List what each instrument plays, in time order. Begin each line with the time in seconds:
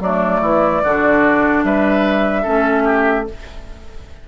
0.00 bassoon F#3, clarinet A3, oboe D4, flute D5
0.40 bassoon E3, oboe E4
0.83 bassoon D3, clarinet D4, oboe F#4
1.63 bassoon G3, oboe B4, flute E5
2.42 bassoon A3, clarinet C#4, oboe A4
2.84 oboe G4